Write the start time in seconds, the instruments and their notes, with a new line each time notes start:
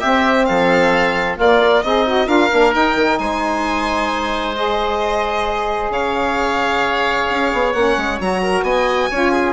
0.00 saxophone C4, bassoon C4, oboe G4, violin E5
0.45 bassoon F3, oboe A4, violin F5
1.37 saxophone A#3, bassoon A#3, oboe F4, violin D5
1.60 saxophone A#4
1.83 bassoon C4, oboe D#4, saxophone G#4, violin D#5
2.05 saxophone F#4
2.26 bassoon D4, saxophone F4, oboe A#4, violin F5
2.50 bassoon A#3, saxophone D4
2.73 saxophone D#4, bassoon D#4, violin G5
2.95 bassoon D#3
3.18 bassoon G#3, oboe C5, violin G#5
4.56 saxophone G#4, violin D#5
5.89 bassoon C#3, oboe C#5, violin F5
7.30 bassoon C#4
7.53 bassoon B3
7.73 bassoon A#3, saxophone C#4, violin F#5
7.97 bassoon G#3
8.19 bassoon F#3, saxophone F#4, violin A#5
8.43 oboe A#4
8.62 bassoon B3, oboe D#5, violin G#5
9.11 bassoon C#4, saxophone F4, oboe C#5
9.32 oboe G#4